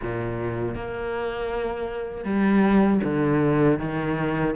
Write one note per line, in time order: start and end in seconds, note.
0.02 0.75 A#2
0.75 2.24 A#3
2.24 3.00 G3
3.03 3.79 D3
3.79 4.55 D#3